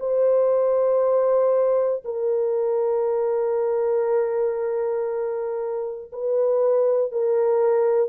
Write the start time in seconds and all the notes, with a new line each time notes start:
0.00 C5
2.05 A#4
6.12 B4
7.12 A#4